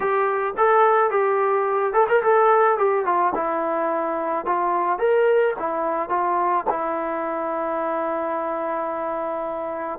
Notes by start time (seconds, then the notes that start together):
0.00 G4
0.57 A4
1.10 G4
1.93 A4
2.08 A#4
2.22 A4
2.77 G4
3.05 F4
3.35 E4
4.45 F4
4.98 A#4
5.59 E4
6.09 F4
6.69 E4